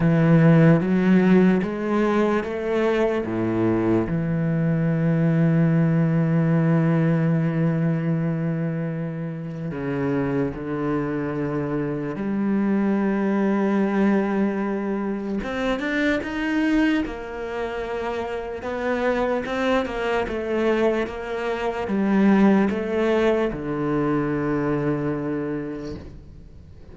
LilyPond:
\new Staff \with { instrumentName = "cello" } { \time 4/4 \tempo 4 = 74 e4 fis4 gis4 a4 | a,4 e2.~ | e1 | cis4 d2 g4~ |
g2. c'8 d'8 | dis'4 ais2 b4 | c'8 ais8 a4 ais4 g4 | a4 d2. | }